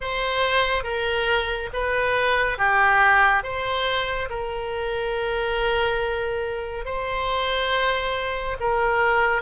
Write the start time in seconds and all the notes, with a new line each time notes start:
0.00 C5
0.83 A#4
1.73 B4
2.58 G4
3.43 C5
4.29 A#4
6.85 C5
8.59 A#4